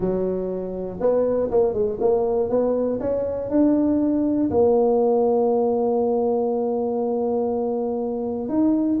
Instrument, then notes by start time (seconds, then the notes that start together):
tuba
0.00 F#3
1.00 B3
1.50 A#3
1.73 G#3
2.00 A#3
2.49 B3
3.00 C#4
3.50 D4
4.50 A#3
8.49 D#4